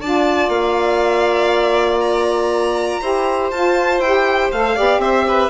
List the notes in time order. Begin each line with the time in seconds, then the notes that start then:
0.00 D4 F4 D5 A5
0.48 A#3 F5
2.00 A#5
3.01 E4 G4 C5
3.50 F4 A5
3.99 E4 G4 G5
4.51 A3 A4 F5
4.74 B3 G4 D5
4.98 C4 C5 E5
5.28 B4